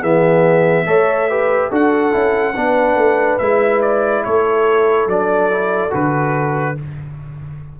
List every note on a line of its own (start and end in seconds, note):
0.00 0.87 E3
0.00 0.86 B3
0.00 0.85 G#4
0.00 1.72 E5
0.86 1.71 A3
0.86 1.29 A4
0.86 1.29 C#5
1.29 1.71 G4
1.29 1.70 B4
1.70 2.13 D4
1.70 2.12 F#4
1.70 2.54 A4
1.70 3.39 F#5
2.12 2.56 C#4
2.12 2.55 E4
2.56 2.96 B3
2.56 3.41 D4
2.56 4.25 B4
2.96 3.38 A3
3.39 4.25 G#3
3.39 5.10 E4
3.39 3.81 E5
3.82 4.24 D5
4.24 5.07 A3
4.24 6.80 A4
4.24 5.09 C#5
5.07 5.91 F#3
5.07 5.51 D4
5.07 5.94 D5
5.51 5.90 E4
5.90 6.79 D3
5.90 6.75 F#4
5.90 6.79 B4